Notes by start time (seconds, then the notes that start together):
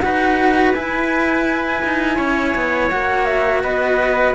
0.00 D#4 F#4 B4 F#5
0.74 E4 G#5
1.85 D#4
2.17 C#4 C#5
2.56 B3
2.90 A#3 F#4 F#5
3.25 E5
3.63 B3 B4 D#5